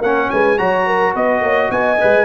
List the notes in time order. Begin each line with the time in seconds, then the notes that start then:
0.00 A#3 C#4 A#4 F#5
0.30 G#3 B4 G#5
0.58 F#3 F#4 C#5 A#5
0.87 A#4
1.14 B3 B4 D#5
1.41 A#3 C#5
1.71 B3 D#5 G#5
2.01 G#3 B4